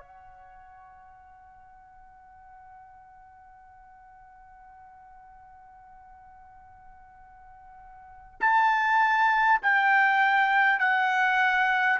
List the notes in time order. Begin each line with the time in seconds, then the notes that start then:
0.00 F#5
8.41 A5
9.62 G5
10.79 F#5